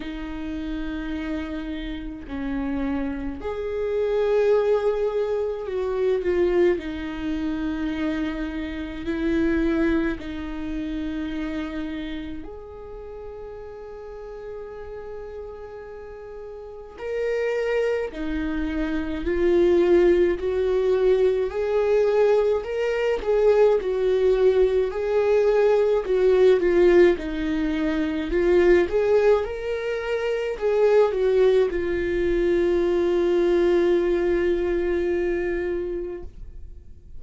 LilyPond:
\new Staff \with { instrumentName = "viola" } { \time 4/4 \tempo 4 = 53 dis'2 cis'4 gis'4~ | gis'4 fis'8 f'8 dis'2 | e'4 dis'2 gis'4~ | gis'2. ais'4 |
dis'4 f'4 fis'4 gis'4 | ais'8 gis'8 fis'4 gis'4 fis'8 f'8 | dis'4 f'8 gis'8 ais'4 gis'8 fis'8 | f'1 | }